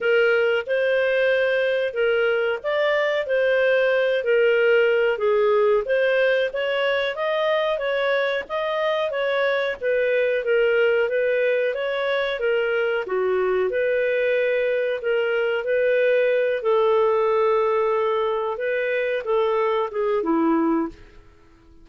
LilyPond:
\new Staff \with { instrumentName = "clarinet" } { \time 4/4 \tempo 4 = 92 ais'4 c''2 ais'4 | d''4 c''4. ais'4. | gis'4 c''4 cis''4 dis''4 | cis''4 dis''4 cis''4 b'4 |
ais'4 b'4 cis''4 ais'4 | fis'4 b'2 ais'4 | b'4. a'2~ a'8~ | a'8 b'4 a'4 gis'8 e'4 | }